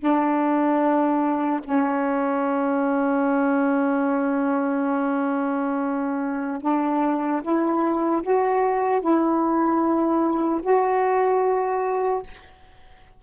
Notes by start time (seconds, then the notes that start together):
0.00 D4
1.64 C#4
6.62 D4
7.42 E4
8.23 F#4
9.01 E4
10.63 F#4